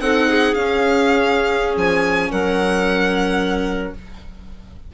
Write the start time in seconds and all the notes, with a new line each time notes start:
0.00 C4 D#4 A4 F#5
0.29 G#4
0.54 C#4 F5
1.77 F3 G#5
2.31 F#3 A#4 F#5